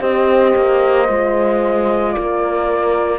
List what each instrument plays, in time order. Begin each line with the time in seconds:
0.00 cello C4, horn G4 C5, flute D#5
0.56 cello A#3
1.07 cello G#3, horn F4
2.12 horn A#4, flute D5
2.18 cello A#3